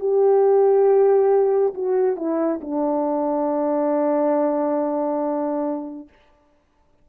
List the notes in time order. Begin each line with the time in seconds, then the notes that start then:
0.00 G4
1.74 F#4
2.17 E4
2.61 D4